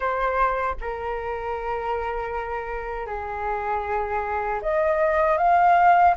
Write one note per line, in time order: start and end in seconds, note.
0.00 0.75 C5
0.80 3.06 A#4
3.06 4.60 G#4
4.62 5.37 D#5
5.37 6.14 F5